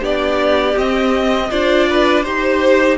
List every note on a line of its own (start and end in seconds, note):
0.00 0.75 B3
0.00 0.75 D4
0.00 1.48 G4
0.00 0.77 D5
0.76 1.50 C4
0.76 1.50 D#5
1.50 2.25 D4
1.50 2.24 F4
1.50 1.88 C5
1.50 2.23 D5
1.90 2.23 B4
2.23 2.97 D#4
2.23 2.97 G4
2.23 2.97 C5